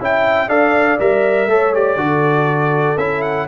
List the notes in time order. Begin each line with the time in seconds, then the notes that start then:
0.00 C#4 E4 E5 G5
0.48 D4 A4 D5 F5
0.99 G3 A#4 E5
1.46 A3 A4 C#5
1.74 G4 D5
1.96 D3 F#4 A4
2.97 C#4 E4 E5
3.22 F#5